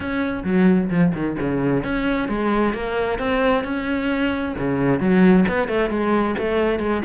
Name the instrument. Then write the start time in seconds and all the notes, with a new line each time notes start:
cello
0.00 C#4
0.44 F#3
0.90 F3
1.14 D#3
1.40 C#3
1.83 C#4
2.28 G#3
2.73 A#3
3.19 C4
3.64 C#4
4.58 C#3
4.99 F#3
5.48 B3
5.67 A3
5.89 G#3
6.38 A3
6.79 G#3